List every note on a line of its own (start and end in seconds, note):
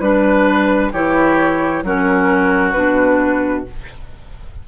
0.00 0.91 G3
0.00 0.93 D4
0.00 0.92 B4
0.00 0.93 B4
0.93 1.83 E3
0.93 1.85 E4
0.93 1.84 G4
0.93 1.85 C#5
1.83 2.74 F#3
1.83 2.75 C#4
1.83 3.68 F#4
1.83 2.73 A#4
2.73 3.67 B2
2.73 3.66 D4
2.73 3.63 B4